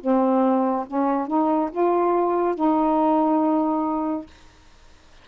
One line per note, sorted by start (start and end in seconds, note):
0.00 0.86 C4
0.86 1.27 C#4
1.27 1.70 D#4
1.71 2.55 F4
2.55 4.26 D#4